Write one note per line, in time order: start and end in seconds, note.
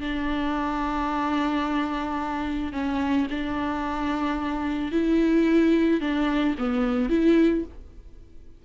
0.00 2.72 D4
2.72 3.27 C#4
3.30 4.92 D4
4.92 6.01 E4
6.01 6.55 D4
6.58 7.10 B3
7.10 7.64 E4